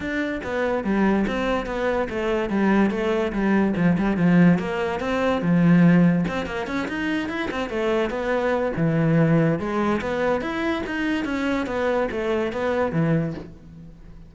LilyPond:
\new Staff \with { instrumentName = "cello" } { \time 4/4 \tempo 4 = 144 d'4 b4 g4 c'4 | b4 a4 g4 a4 | g4 f8 g8 f4 ais4 | c'4 f2 c'8 ais8 |
cis'8 dis'4 e'8 c'8 a4 b8~ | b4 e2 gis4 | b4 e'4 dis'4 cis'4 | b4 a4 b4 e4 | }